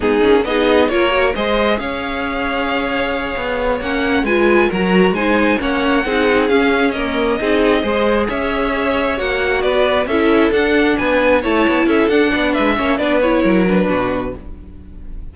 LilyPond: <<
  \new Staff \with { instrumentName = "violin" } { \time 4/4 \tempo 4 = 134 gis'4 dis''4 cis''4 dis''4 | f''1~ | f''8 fis''4 gis''4 ais''4 gis''8~ | gis''8 fis''2 f''4 dis''8~ |
dis''2~ dis''8 e''4.~ | e''8 fis''4 d''4 e''4 fis''8~ | fis''8 gis''4 a''4 e''8 fis''4 | e''4 d''8 cis''4 b'4. | }
  \new Staff \with { instrumentName = "violin" } { \time 4/4 dis'4 gis'4 ais'4 c''4 | cis''1~ | cis''4. b'4 ais'4 c''8~ | c''8 cis''4 gis'2 ais'8~ |
ais'8 gis'4 c''4 cis''4.~ | cis''4. b'4 a'4.~ | a'8 b'4 cis''4 a'4 d''8 | b'8 cis''8 b'4 ais'4 fis'4 | }
  \new Staff \with { instrumentName = "viola" } { \time 4/4 b8 cis'8 dis'4 f'8 fis'8 gis'4~ | gis'1~ | gis'8 cis'4 f'4 fis'4 dis'8~ | dis'8 cis'4 dis'4 cis'4 ais8~ |
ais8 dis'4 gis'2~ gis'8~ | gis'8 fis'2 e'4 d'8~ | d'4. e'4. d'4~ | d'8 cis'8 d'8 e'4 d'4. | }
  \new Staff \with { instrumentName = "cello" } { \time 4/4 gis8 ais8 b4 ais4 gis4 | cis'2.~ cis'8 b8~ | b8 ais4 gis4 fis4 gis8~ | gis8 ais4 c'4 cis'4.~ |
cis'8 c'4 gis4 cis'4.~ | cis'8 ais4 b4 cis'4 d'8~ | d'8 b4 a8 b8 cis'8 d'8 b8 | gis8 ais8 b4 fis4 b,4 | }
>>